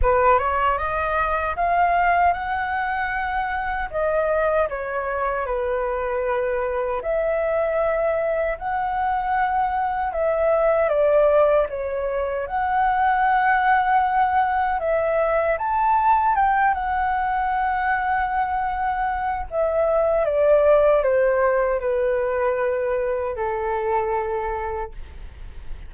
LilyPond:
\new Staff \with { instrumentName = "flute" } { \time 4/4 \tempo 4 = 77 b'8 cis''8 dis''4 f''4 fis''4~ | fis''4 dis''4 cis''4 b'4~ | b'4 e''2 fis''4~ | fis''4 e''4 d''4 cis''4 |
fis''2. e''4 | a''4 g''8 fis''2~ fis''8~ | fis''4 e''4 d''4 c''4 | b'2 a'2 | }